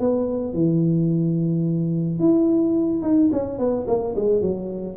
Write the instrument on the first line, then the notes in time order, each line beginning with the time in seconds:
tuba
0.00 B3
0.54 E3
2.20 E4
3.03 D#4
3.32 C#4
3.59 B3
3.88 A#3
4.16 G#3
4.42 F#3